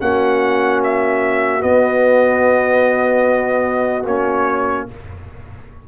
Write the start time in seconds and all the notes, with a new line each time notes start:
0.00 A#3 C#4 F#4 F#5
0.83 E5
1.60 B3 D#5
4.05 A#3 C#4 C#5